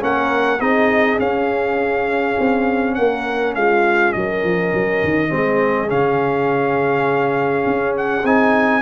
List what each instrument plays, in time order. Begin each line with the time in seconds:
0.00 tuba A#3, trombone C#4, horn A#4, trumpet F#5
0.60 tuba C4, trombone D#4, horn G#4, trumpet D#5
1.18 trombone C#4, tuba C#4, trumpet F5
2.39 tuba C4
2.95 tuba A#3, horn A#4, trumpet F#5
3.55 tuba G#3, horn F4, trumpet F5
4.13 tuba F#3, horn A#4, trumpet D#5
4.43 tuba F3
4.74 tuba F#3
5.04 tuba D#3
5.30 tuba G#3, trombone C4, horn G#4
5.88 tuba C#3, trombone C#4, trumpet F5
7.66 tuba C#4
7.97 trumpet F#5
8.24 tuba C4, trombone D#4, trumpet G#5